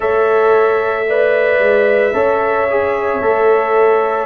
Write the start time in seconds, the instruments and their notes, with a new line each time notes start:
0.00 tuba A3, trombone A4, horn C#5, trumpet E5
1.08 trombone B4, horn D5
1.58 tuba G#3
2.13 tuba C#4, trombone A4, horn C#5
2.70 trombone G#4
3.21 tuba A3, trombone A4